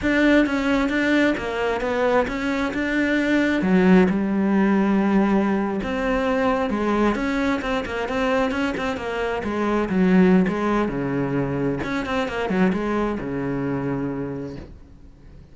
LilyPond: \new Staff \with { instrumentName = "cello" } { \time 4/4 \tempo 4 = 132 d'4 cis'4 d'4 ais4 | b4 cis'4 d'2 | fis4 g2.~ | g8. c'2 gis4 cis'16~ |
cis'8. c'8 ais8 c'4 cis'8 c'8 ais16~ | ais8. gis4 fis4~ fis16 gis4 | cis2 cis'8 c'8 ais8 fis8 | gis4 cis2. | }